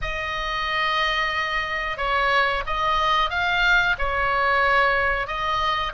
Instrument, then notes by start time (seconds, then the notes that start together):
oboe
0.01 D#5
1.97 C#5
2.66 D#5
3.30 F5
3.98 C#5
5.27 D#5